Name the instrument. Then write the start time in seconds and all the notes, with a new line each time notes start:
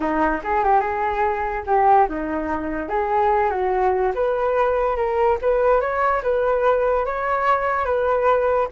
flute
0.00 D#4
0.43 G#4
0.63 G4
0.80 G#4
1.66 G4
2.08 D#4
2.89 G#4
3.50 F#4
4.14 B4
4.96 A#4
5.41 B4
5.80 C#5
6.23 B4
7.05 C#5
7.85 B4